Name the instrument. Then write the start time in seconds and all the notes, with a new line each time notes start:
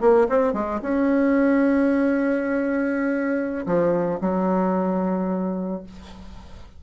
bassoon
0.00 A#3
0.29 C4
0.53 G#3
0.82 C#4
3.66 F3
4.21 F#3